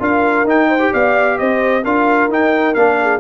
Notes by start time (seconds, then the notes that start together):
0.00 D4 F4 A#4 F5
0.44 D#4 G5
0.69 C5
0.79 G4
0.92 B3 D5 F5
1.39 C4 C5 D#5
1.84 D4 F4 A#4 F5
2.29 D#4 G5
2.75 A#3 D4 F5
3.02 G#4